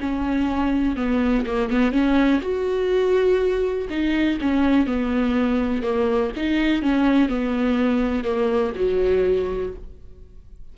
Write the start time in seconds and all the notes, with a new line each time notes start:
0.00 C#4
0.96 B3
1.46 A#3
1.69 B3
1.92 C#4
2.41 F#4
3.90 D#4
4.41 C#4
4.86 B3
5.82 A#3
6.36 D#4
6.82 C#4
7.29 B3
8.24 A#3
8.75 F#3